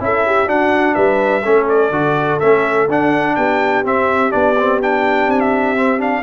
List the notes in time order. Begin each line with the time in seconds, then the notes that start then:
0.00 C#4 E4 A4 E5
0.27 G4
0.46 D4 F#4 F#5
0.95 G3 B4 E5
1.43 A3 C#4 A4
1.69 D5
1.91 D3 F#4
2.40 A3 C#4 E5
2.89 D4 F#5
3.36 B3 G4 G5
3.85 C4 E5
4.31 B3 D4 D5
4.59 C4
4.82 D4 G5
5.28 C4 G#5
5.40 E5
5.76 C4
5.99 D4 F5